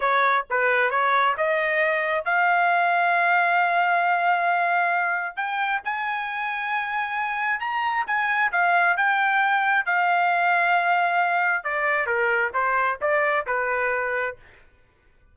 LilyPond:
\new Staff \with { instrumentName = "trumpet" } { \time 4/4 \tempo 4 = 134 cis''4 b'4 cis''4 dis''4~ | dis''4 f''2.~ | f''1 | g''4 gis''2.~ |
gis''4 ais''4 gis''4 f''4 | g''2 f''2~ | f''2 d''4 ais'4 | c''4 d''4 b'2 | }